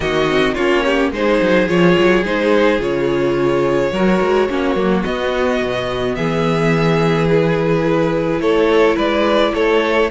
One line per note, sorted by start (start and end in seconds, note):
0.00 0.54 D#3
0.00 0.28 A#3
0.00 0.54 F#4
0.00 0.54 D#5
0.28 0.56 C4
0.54 1.11 A#3
0.54 1.13 C#4
0.54 0.82 F4
0.54 1.10 C#5
0.84 1.11 G4
1.11 1.39 G#3
1.11 1.67 D#4
1.11 3.92 G#4
1.11 1.68 C5
1.41 1.67 F#3
1.67 1.95 F3
1.67 2.23 F4
1.67 2.24 C#5
1.97 2.23 F#3
2.23 2.79 G#3
2.23 2.79 D#4
2.23 2.81 C5
2.79 3.91 C#3
2.79 3.91 F4
2.79 5.03 C#5
3.91 4.19 F#3
3.91 4.49 F#4
3.91 4.48 A#4
4.21 4.48 G#3
4.48 4.75 A#3
4.48 4.75 C#4
4.48 6.16 F#4
4.75 5.03 F#3
4.75 5.03 A#3
5.03 7.28 B3
5.03 5.61 B3
5.03 6.15 D#5
5.61 6.16 B2
6.15 8.39 E3
6.15 8.40 G#4
6.15 7.27 E5
7.29 10.09 E4
7.29 8.41 B4
8.39 8.95 A3
8.39 8.95 A4
8.39 8.97 C#5
8.95 9.53 G#3
8.95 9.52 B4
8.95 9.54 D5
9.54 10.10 A3
9.54 10.10 A4
9.54 10.10 C#5